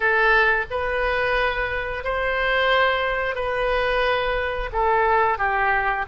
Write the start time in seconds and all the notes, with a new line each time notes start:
0.00 A4
0.70 B4
2.03 C5
3.35 B4
4.72 A4
5.37 G4